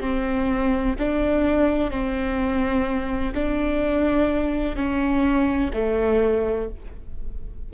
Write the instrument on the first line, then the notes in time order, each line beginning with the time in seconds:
viola
0.00 C4
0.99 D4
1.90 C4
3.34 D4
4.76 C#4
5.74 A3